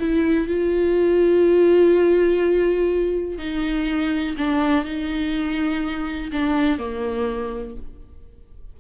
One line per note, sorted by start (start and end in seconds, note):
0.00 0.48 E4
0.48 3.39 F4
3.39 4.36 D#4
4.38 4.85 D4
4.85 6.31 D#4
6.33 6.79 D4
6.79 7.76 A#3